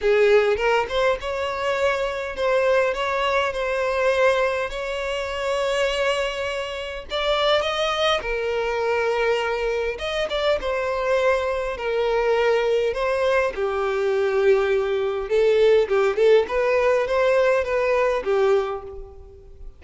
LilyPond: \new Staff \with { instrumentName = "violin" } { \time 4/4 \tempo 4 = 102 gis'4 ais'8 c''8 cis''2 | c''4 cis''4 c''2 | cis''1 | d''4 dis''4 ais'2~ |
ais'4 dis''8 d''8 c''2 | ais'2 c''4 g'4~ | g'2 a'4 g'8 a'8 | b'4 c''4 b'4 g'4 | }